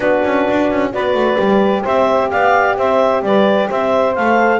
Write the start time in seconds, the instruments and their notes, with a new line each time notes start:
0.00 double bass B3, horn D4, saxophone F#4, clarinet B4
0.24 double bass C#4
0.50 double bass D4
0.70 double bass C#4
0.92 double bass B3, horn F#4, saxophone B4, clarinet D5
1.13 double bass A3
1.37 double bass G3, horn G4
1.82 double bass C4, saxophone C5, clarinet E5
2.30 double bass B3, saxophone D5, clarinet F5
2.76 double bass C4, saxophone C5, clarinet E5
3.22 double bass G3, saxophone B4, clarinet D5
3.68 double bass C4, saxophone C5, clarinet E5
4.15 double bass A3, horn A4, clarinet F5